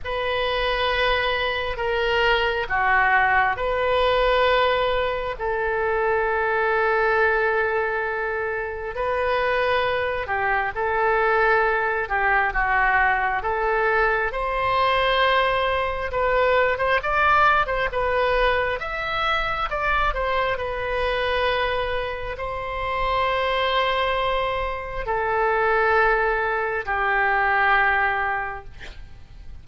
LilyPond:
\new Staff \with { instrumentName = "oboe" } { \time 4/4 \tempo 4 = 67 b'2 ais'4 fis'4 | b'2 a'2~ | a'2 b'4. g'8 | a'4. g'8 fis'4 a'4 |
c''2 b'8. c''16 d''8. c''16 | b'4 e''4 d''8 c''8 b'4~ | b'4 c''2. | a'2 g'2 | }